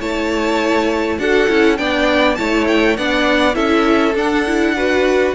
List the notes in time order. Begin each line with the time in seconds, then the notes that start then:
0.00 A3 E4 C#5 A5
1.19 D4 F#4 A4 F#5
1.49 C#4 E4
1.77 B3 D4 D5 G5
2.35 A3 E4 C#5 A5
2.68 G5
2.97 B3 D4 D5 F#5
3.54 C#4 E4 A4 E5
4.15 D4 F#5
4.47 E4
4.77 F#4 B4